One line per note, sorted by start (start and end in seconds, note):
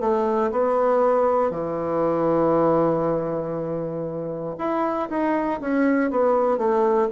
0.00 0.51 A3
0.51 1.50 B3
1.50 4.55 E3
4.58 5.08 E4
5.09 5.60 D#4
5.60 6.10 C#4
6.10 6.57 B3
6.57 7.08 A3